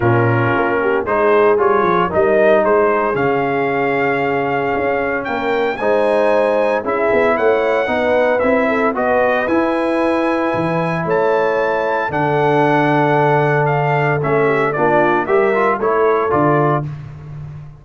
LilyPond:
<<
  \new Staff \with { instrumentName = "trumpet" } { \time 4/4 \tempo 4 = 114 ais'2 c''4 cis''4 | dis''4 c''4 f''2~ | f''2 g''4 gis''4~ | gis''4 e''4 fis''2 |
e''4 dis''4 gis''2~ | gis''4 a''2 fis''4~ | fis''2 f''4 e''4 | d''4 e''4 cis''4 d''4 | }
  \new Staff \with { instrumentName = "horn" } { \time 4/4 f'4. g'8 gis'2 | ais'4 gis'2.~ | gis'2 ais'4 c''4~ | c''4 gis'4 cis''4 b'4~ |
b'8 a'8 b'2.~ | b'4 cis''2 a'4~ | a'2.~ a'8 g'8 | f'4 ais'4 a'2 | }
  \new Staff \with { instrumentName = "trombone" } { \time 4/4 cis'2 dis'4 f'4 | dis'2 cis'2~ | cis'2. dis'4~ | dis'4 e'2 dis'4 |
e'4 fis'4 e'2~ | e'2. d'4~ | d'2. cis'4 | d'4 g'8 f'8 e'4 f'4 | }
  \new Staff \with { instrumentName = "tuba" } { \time 4/4 ais,4 ais4 gis4 g8 f8 | g4 gis4 cis2~ | cis4 cis'4 ais4 gis4~ | gis4 cis'8 b8 a4 b4 |
c'4 b4 e'2 | e4 a2 d4~ | d2. a4 | ais4 g4 a4 d4 | }
>>